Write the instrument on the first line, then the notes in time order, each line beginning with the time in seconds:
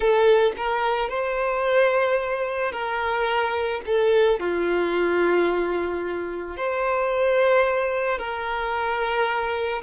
violin
0.00 A4
0.57 A#4
1.09 C5
2.72 A#4
3.85 A4
4.39 F4
6.57 C5
8.18 A#4